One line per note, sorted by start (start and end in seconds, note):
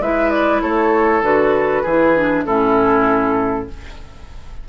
0.00 0.61 G#3
0.00 1.23 E4
0.00 0.62 B4
0.00 0.30 E5
0.30 0.61 D5
0.62 1.22 A3
0.62 1.82 A4
0.62 1.23 C#5
1.22 1.83 D3
1.22 1.84 F#4
1.22 2.45 B4
1.82 2.46 E3
1.82 2.16 E4
1.82 2.44 G#4
2.16 2.46 D4
2.45 3.68 A2
2.45 3.68 C#4
2.45 3.68 E4
2.45 3.67 A4